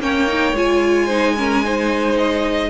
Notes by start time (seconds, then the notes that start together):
0.00 A#3 C#4 C#5 G5
0.27 D#4
0.53 G#3 F4 G#5
1.06 D#4 C5
1.37 C#4 A#4
1.64 D#4 C5
2.18 D#5